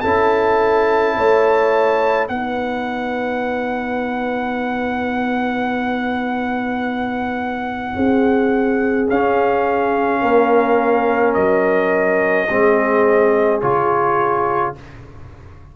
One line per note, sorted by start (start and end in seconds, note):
0.00 1.17 C#4
0.00 2.28 E4
0.00 1.15 A4
0.00 2.26 A5
1.17 2.29 A3
1.17 2.29 C#5
2.28 7.95 B3
2.28 9.07 D#4
2.28 7.95 B4
2.28 9.07 F#5
7.95 9.08 C4
7.95 10.21 G#4
9.08 12.47 C#4
9.08 10.22 C#4
9.08 11.34 F5
10.21 11.35 A#3
10.21 12.47 A#4
11.34 12.49 F#3
11.34 13.60 D#5
12.49 13.62 G#3
12.49 13.62 C4
12.49 14.76 G#4
13.61 14.76 C#3
13.61 14.75 F4
13.61 14.74 C#5